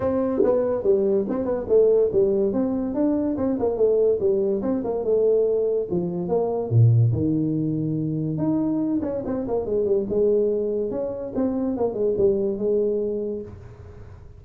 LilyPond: \new Staff \with { instrumentName = "tuba" } { \time 4/4 \tempo 4 = 143 c'4 b4 g4 c'8 b8 | a4 g4 c'4 d'4 | c'8 ais8 a4 g4 c'8 ais8 | a2 f4 ais4 |
ais,4 dis2. | dis'4. cis'8 c'8 ais8 gis8 g8 | gis2 cis'4 c'4 | ais8 gis8 g4 gis2 | }